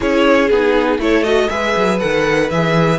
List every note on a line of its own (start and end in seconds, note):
0.00 0.50 C#4
0.00 0.50 E4
0.00 0.98 G#4
0.00 0.49 C#5
0.49 0.97 B3
0.49 0.99 D#4
0.49 0.99 G#4
0.97 1.48 A3
0.97 1.23 E4
0.97 1.50 A4
0.97 1.23 C#5
1.23 1.48 F#4
1.23 1.48 D#5
1.48 1.75 G#3
1.48 1.99 G#4
1.48 2.99 B4
1.48 1.98 E5
1.76 2.01 F#3
1.99 2.50 D#3
1.99 2.49 A4
1.99 2.49 F#5
2.50 2.99 E3
2.50 2.99 G#4
2.50 2.99 E5